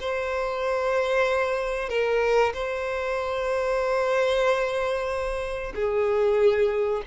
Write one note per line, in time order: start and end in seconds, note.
0.00 1.89 C5
1.89 2.53 A#4
2.54 5.73 C5
5.75 7.03 G#4